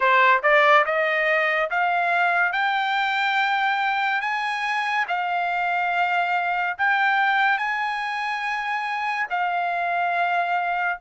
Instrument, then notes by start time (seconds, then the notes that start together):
trumpet
0.00 C5
0.42 D5
0.85 D#5
1.70 F5
2.52 G5
4.21 G#5
5.07 F5
6.78 G5
7.57 G#5
9.30 F5